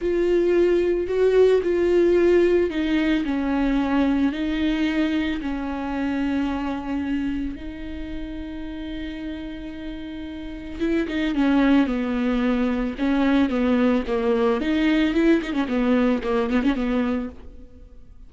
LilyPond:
\new Staff \with { instrumentName = "viola" } { \time 4/4 \tempo 4 = 111 f'2 fis'4 f'4~ | f'4 dis'4 cis'2 | dis'2 cis'2~ | cis'2 dis'2~ |
dis'1 | e'8 dis'8 cis'4 b2 | cis'4 b4 ais4 dis'4 | e'8 dis'16 cis'16 b4 ais8 b16 cis'16 b4 | }